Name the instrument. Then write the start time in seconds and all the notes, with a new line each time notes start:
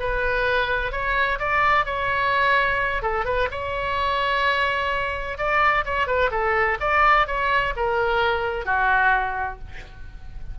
oboe
0.00 B4
0.92 C#5
1.39 D5
1.86 C#5
3.03 A4
3.25 B4
3.51 C#5
5.38 D5
5.85 C#5
6.07 B4
6.31 A4
6.81 D5
7.27 C#5
7.76 A#4
8.66 F#4